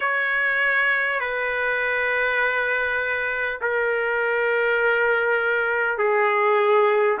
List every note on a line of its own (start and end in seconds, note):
0.00 1.20 C#5
1.20 3.60 B4
3.61 5.98 A#4
5.98 7.18 G#4